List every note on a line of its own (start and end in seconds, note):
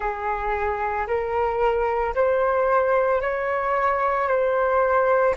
0.00 1.07 G#4
1.07 2.14 A#4
2.14 3.21 C5
3.21 4.28 C#5
4.28 5.35 C5